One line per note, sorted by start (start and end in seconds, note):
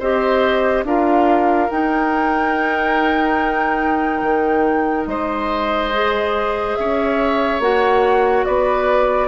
0.00 0.84 C4
0.00 0.86 G4
0.00 0.85 C5
0.00 0.85 D#5
0.84 1.69 D4
0.84 1.70 F4
0.84 5.10 A#4
0.84 1.70 F5
1.70 5.93 D#4
1.70 4.22 D#4
1.70 5.07 G5
4.22 5.07 D#3
5.07 6.76 G#3
5.07 6.79 C5
5.07 6.76 D#5
5.93 7.62 G#4
6.76 7.60 C#4
6.76 8.47 C#5
6.76 7.61 E5
7.60 8.44 A#3
7.60 9.28 F#4
7.60 8.46 F#5
8.46 9.28 B3
8.46 9.28 B4
8.46 9.28 D5